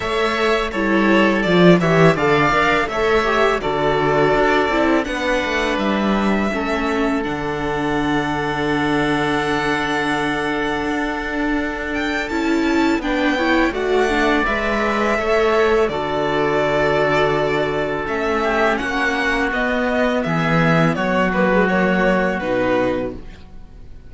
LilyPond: <<
  \new Staff \with { instrumentName = "violin" } { \time 4/4 \tempo 4 = 83 e''4 cis''4 d''8 e''8 f''4 | e''4 d''2 fis''4 | e''2 fis''2~ | fis''1~ |
fis''8 g''8 a''4 g''4 fis''4 | e''2 d''2~ | d''4 e''4 fis''4 dis''4 | e''4 cis''8 b'8 cis''4 b'4 | }
  \new Staff \with { instrumentName = "oboe" } { \time 4/4 cis''4 a'4. cis''8 d''4 | cis''4 a'2 b'4~ | b'4 a'2.~ | a'1~ |
a'2 b'8 cis''8 d''4~ | d''4 cis''4 a'2~ | a'4. g'8 fis'2 | gis'4 fis'2. | }
  \new Staff \with { instrumentName = "viola" } { \time 4/4 a'4 e'4 f'8 g'8 a'8 ais'8 | a'8 g'8 fis'4. e'8 d'4~ | d'4 cis'4 d'2~ | d'1~ |
d'4 e'4 d'8 e'8 fis'8 d'8 | b'4 a'4 fis'2~ | fis'4 cis'2 b4~ | b4. ais16 gis16 ais4 dis'4 | }
  \new Staff \with { instrumentName = "cello" } { \time 4/4 a4 g4 f8 e8 d8 d'8 | a4 d4 d'8 c'8 b8 a8 | g4 a4 d2~ | d2. d'4~ |
d'4 cis'4 b4 a4 | gis4 a4 d2~ | d4 a4 ais4 b4 | e4 fis2 b,4 | }
>>